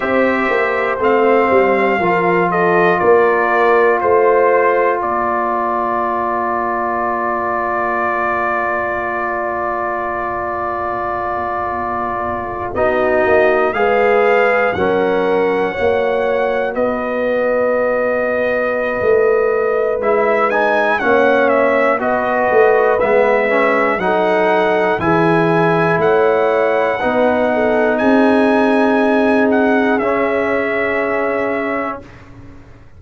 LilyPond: <<
  \new Staff \with { instrumentName = "trumpet" } { \time 4/4 \tempo 4 = 60 e''4 f''4. dis''8 d''4 | c''4 d''2.~ | d''1~ | d''8. dis''4 f''4 fis''4~ fis''16~ |
fis''8. dis''2.~ dis''16 | e''8 gis''8 fis''8 e''8 dis''4 e''4 | fis''4 gis''4 fis''2 | gis''4. fis''8 e''2 | }
  \new Staff \with { instrumentName = "horn" } { \time 4/4 c''2 ais'8 a'8 ais'4 | c''4 ais'2.~ | ais'1~ | ais'8. fis'4 b'4 ais'4 cis''16~ |
cis''8. b'2.~ b'16~ | b'4 cis''4 b'2 | a'4 gis'4 cis''4 b'8 a'8 | gis'1 | }
  \new Staff \with { instrumentName = "trombone" } { \time 4/4 g'4 c'4 f'2~ | f'1~ | f'1~ | f'8. dis'4 gis'4 cis'4 fis'16~ |
fis'1 | e'8 dis'8 cis'4 fis'4 b8 cis'8 | dis'4 e'2 dis'4~ | dis'2 cis'2 | }
  \new Staff \with { instrumentName = "tuba" } { \time 4/4 c'8 ais8 a8 g8 f4 ais4 | a4 ais2.~ | ais1~ | ais8. b8 ais8 gis4 fis4 ais16~ |
ais8. b2~ b16 a4 | gis4 ais4 b8 a8 gis4 | fis4 e4 a4 b4 | c'2 cis'2 | }
>>